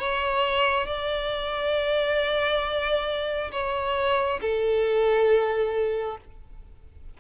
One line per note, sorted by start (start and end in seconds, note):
0.00 0.87 C#5
0.87 3.51 D5
3.52 4.40 C#5
4.42 6.18 A4